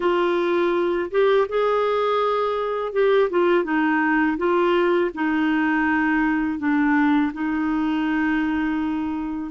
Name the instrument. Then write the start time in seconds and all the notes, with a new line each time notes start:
clarinet
0.00 F4
1.10 G4
1.48 G#4
2.93 G4
3.30 F4
3.64 D#4
4.37 F4
5.14 D#4
6.58 D4
7.33 D#4